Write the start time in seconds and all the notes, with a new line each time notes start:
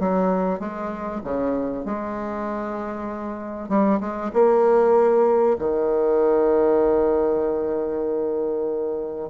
0.00 F#3
0.60 G#3
1.25 C#3
1.85 G#3
3.69 G3
4.01 G#3
4.34 A#3
5.59 D#3